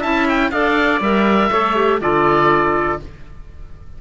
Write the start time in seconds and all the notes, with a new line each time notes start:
0.00 C#4 E4 E5 A5
0.29 G5
0.51 D4 A4 D5 F5
1.01 G3 A#4 E5
1.52 A3 A4 C#5
1.76 G4
2.01 D3 F4 A4 D5